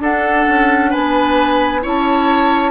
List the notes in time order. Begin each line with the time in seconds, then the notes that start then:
0.00 D4 A4 F#5
0.49 C#4
0.91 B3 B4 G#5
1.83 C#4 E4 C#5 A5